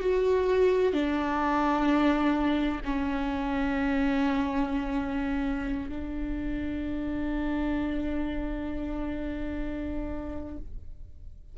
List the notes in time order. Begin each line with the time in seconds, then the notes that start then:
0.00 F#4
0.93 D4
2.84 C#4
5.88 D4